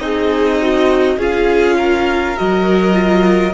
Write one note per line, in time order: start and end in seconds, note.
0.00 1.18 C4
0.00 1.18 D#4
0.00 0.62 G#4
0.00 1.18 D#5
0.62 1.20 F#4
1.18 2.36 C#4
1.18 2.37 F4
1.18 1.76 G#4
1.18 2.37 F5
1.77 3.54 A#4
2.37 3.54 F#3
2.37 2.93 F#4
2.37 3.54 D#5
2.93 3.52 F4